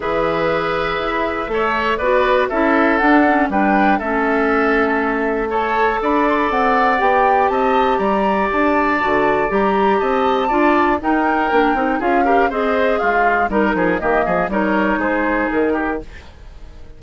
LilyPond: <<
  \new Staff \with { instrumentName = "flute" } { \time 4/4 \tempo 4 = 120 e''1 | d''4 e''4 fis''4 g''4 | e''2. a''4 | b''8 c'''16 b''16 fis''4 g''4 a''4 |
ais''4 a''2 ais''4 | a''2 g''2 | f''4 dis''4 f''4 ais'4 | dis''4 cis''4 c''4 ais'4 | }
  \new Staff \with { instrumentName = "oboe" } { \time 4/4 b'2. cis''4 | b'4 a'2 b'4 | a'2. cis''4 | d''2. dis''4 |
d''1 | dis''4 d''4 ais'2 | gis'8 ais'8 c''4 f'4 ais'8 gis'8 | g'8 gis'8 ais'4 gis'4. g'8 | }
  \new Staff \with { instrumentName = "clarinet" } { \time 4/4 gis'2. a'4 | fis'4 e'4 d'8 cis'8 d'4 | cis'2. a'4~ | a'2 g'2~ |
g'2 fis'4 g'4~ | g'4 f'4 dis'4 d'8 dis'8 | f'8 g'8 gis'2 dis'4 | ais4 dis'2. | }
  \new Staff \with { instrumentName = "bassoon" } { \time 4/4 e2 e'4 a4 | b4 cis'4 d'4 g4 | a1 | d'4 c'4 b4 c'4 |
g4 d'4 d4 g4 | c'4 d'4 dis'4 ais8 c'8 | cis'4 c'4 gis4 g8 f8 | dis8 f8 g4 gis4 dis4 | }
>>